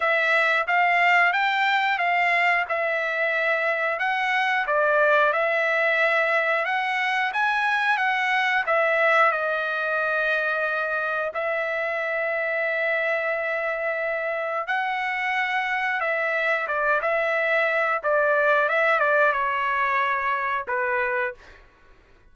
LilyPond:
\new Staff \with { instrumentName = "trumpet" } { \time 4/4 \tempo 4 = 90 e''4 f''4 g''4 f''4 | e''2 fis''4 d''4 | e''2 fis''4 gis''4 | fis''4 e''4 dis''2~ |
dis''4 e''2.~ | e''2 fis''2 | e''4 d''8 e''4. d''4 | e''8 d''8 cis''2 b'4 | }